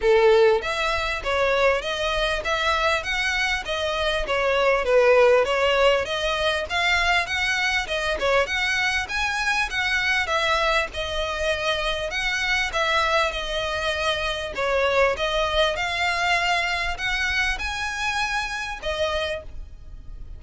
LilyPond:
\new Staff \with { instrumentName = "violin" } { \time 4/4 \tempo 4 = 99 a'4 e''4 cis''4 dis''4 | e''4 fis''4 dis''4 cis''4 | b'4 cis''4 dis''4 f''4 | fis''4 dis''8 cis''8 fis''4 gis''4 |
fis''4 e''4 dis''2 | fis''4 e''4 dis''2 | cis''4 dis''4 f''2 | fis''4 gis''2 dis''4 | }